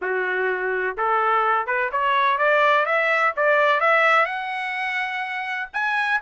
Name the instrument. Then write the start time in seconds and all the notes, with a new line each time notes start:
trumpet
0.01 F#4
0.97 A4
1.66 B4
1.92 C#5
2.37 D5
2.85 E5
3.36 D5
3.80 E5
4.25 F#5
5.73 G#5